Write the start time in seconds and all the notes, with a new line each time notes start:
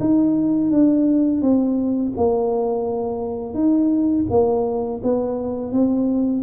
0.00 D#4
0.71 D4
1.41 C4
2.17 A#3
3.54 D#4
4.30 A#3
5.03 B3
5.72 C4